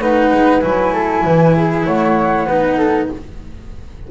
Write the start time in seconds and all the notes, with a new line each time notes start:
0.00 A3 D#4 B4 F#5
0.32 G#3
0.61 F#3 E4 G#5
0.93 A4
1.25 E3 B4
1.56 G#4
1.85 A3 C#5 F#5
2.47 B3 D#4 B4
2.77 A4